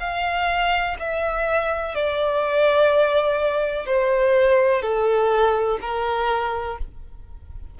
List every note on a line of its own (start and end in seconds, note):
0.00 0.97 F5
0.99 1.95 E5
1.95 3.86 D5
3.86 4.82 C5
4.82 5.79 A4
5.82 6.78 A#4